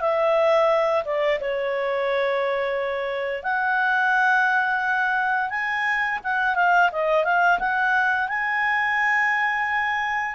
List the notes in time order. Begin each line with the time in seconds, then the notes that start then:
0.00 E5
1.04 D5
1.40 C#5
3.43 F#5
5.50 G#5
6.23 F#5
6.55 F5
6.92 D#5
7.24 F5
7.59 F#5
8.28 G#5